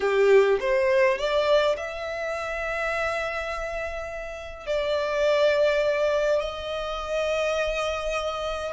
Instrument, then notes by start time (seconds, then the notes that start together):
violin
0.00 G4
0.60 C5
1.18 D5
1.76 E5
4.66 D5
6.40 D#5